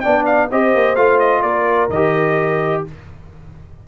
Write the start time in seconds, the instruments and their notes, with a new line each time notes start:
0.00 trombone D4, horn D5, trumpet G5
0.06 tuba B3
0.25 trumpet F5
0.50 tuba C4, trombone G4, horn C5, trumpet D#5
0.74 tuba A#3
0.95 tuba A3, trombone F4, trumpet F5
1.19 trumpet D#5
1.42 tuba A#3, horn A#4, trumpet D5
1.89 tuba D#3, trombone G4, trumpet D#5